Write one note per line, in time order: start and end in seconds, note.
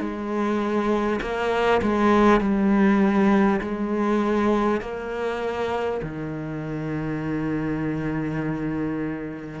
0.00 1.20 G#3
1.21 1.81 A#3
1.82 2.40 G#3
2.40 3.60 G3
3.61 4.81 G#3
4.81 6.01 A#3
6.02 9.60 D#3